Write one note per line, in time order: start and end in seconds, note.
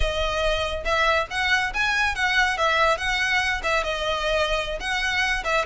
0.00 0.84 D#5
0.84 1.27 E5
1.30 1.73 F#5
1.73 2.15 G#5
2.15 2.57 F#5
2.57 2.97 E5
2.97 3.61 F#5
3.63 3.83 E5
3.83 4.79 D#5
4.79 5.43 F#5
5.44 5.65 E5